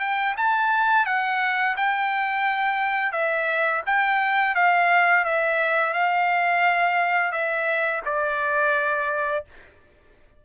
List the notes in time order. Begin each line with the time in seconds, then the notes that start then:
0.00 G5
0.37 A5
1.06 F#5
1.77 G5
3.12 E5
3.86 G5
4.55 F5
5.25 E5
5.94 F5
7.32 E5
8.05 D5